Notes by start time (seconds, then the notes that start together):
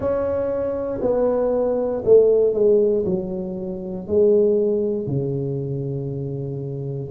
0.00 C#4
1.01 B3
2.04 A3
2.53 G#3
3.05 F#3
4.07 G#3
5.06 C#3